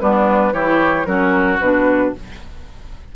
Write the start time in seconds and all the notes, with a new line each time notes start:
0.00 G3 B3 D4 B4
0.53 E3 E4 G4 C#5
1.06 F#3 C#4 F#4 A#4
1.60 B2 D4 B4